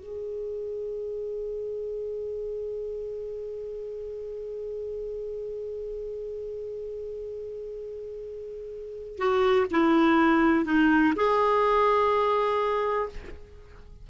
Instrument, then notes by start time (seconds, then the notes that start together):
clarinet
0.00 G#4
9.18 F#4
9.71 E4
10.65 D#4
11.16 G#4